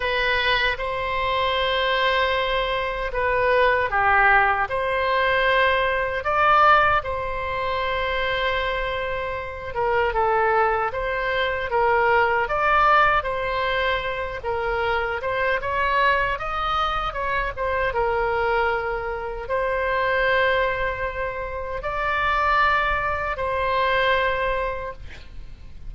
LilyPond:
\new Staff \with { instrumentName = "oboe" } { \time 4/4 \tempo 4 = 77 b'4 c''2. | b'4 g'4 c''2 | d''4 c''2.~ | c''8 ais'8 a'4 c''4 ais'4 |
d''4 c''4. ais'4 c''8 | cis''4 dis''4 cis''8 c''8 ais'4~ | ais'4 c''2. | d''2 c''2 | }